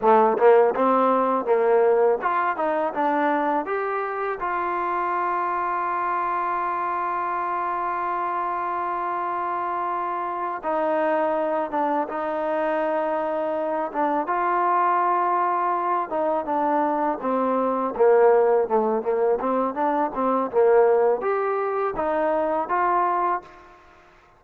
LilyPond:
\new Staff \with { instrumentName = "trombone" } { \time 4/4 \tempo 4 = 82 a8 ais8 c'4 ais4 f'8 dis'8 | d'4 g'4 f'2~ | f'1~ | f'2~ f'8 dis'4. |
d'8 dis'2~ dis'8 d'8 f'8~ | f'2 dis'8 d'4 c'8~ | c'8 ais4 a8 ais8 c'8 d'8 c'8 | ais4 g'4 dis'4 f'4 | }